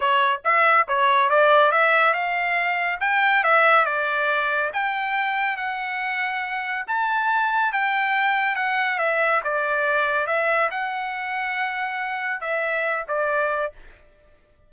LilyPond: \new Staff \with { instrumentName = "trumpet" } { \time 4/4 \tempo 4 = 140 cis''4 e''4 cis''4 d''4 | e''4 f''2 g''4 | e''4 d''2 g''4~ | g''4 fis''2. |
a''2 g''2 | fis''4 e''4 d''2 | e''4 fis''2.~ | fis''4 e''4. d''4. | }